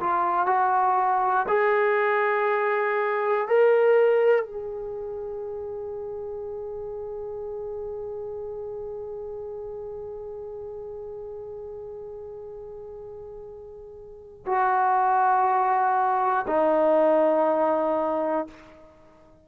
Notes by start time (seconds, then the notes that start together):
0.00 F4
0.46 F#4
1.48 G#4
3.48 A#4
4.45 G#4
14.46 F#4
16.47 D#4